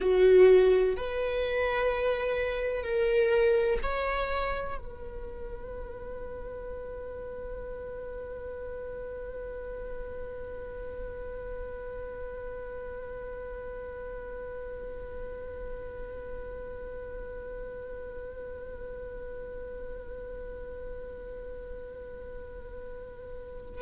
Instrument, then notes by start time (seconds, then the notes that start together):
viola
0.00 F#4
0.96 B4
2.83 A#4
3.83 C#5
4.78 B4